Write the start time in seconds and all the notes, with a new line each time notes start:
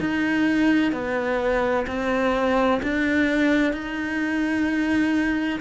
0.00 D#4
0.92 B3
1.87 C4
2.83 D4
3.73 D#4